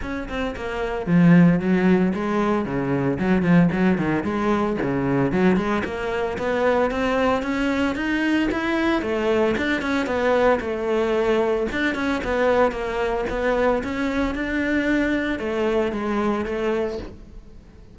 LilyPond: \new Staff \with { instrumentName = "cello" } { \time 4/4 \tempo 4 = 113 cis'8 c'8 ais4 f4 fis4 | gis4 cis4 fis8 f8 fis8 dis8 | gis4 cis4 fis8 gis8 ais4 | b4 c'4 cis'4 dis'4 |
e'4 a4 d'8 cis'8 b4 | a2 d'8 cis'8 b4 | ais4 b4 cis'4 d'4~ | d'4 a4 gis4 a4 | }